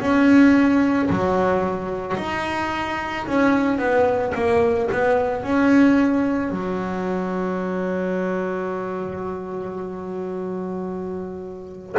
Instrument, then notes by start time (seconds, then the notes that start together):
double bass
0.00 C#4
1.10 F#3
2.17 D#4
3.27 C#4
3.78 B3
4.35 A#3
4.92 B3
5.43 C#4
6.50 F#3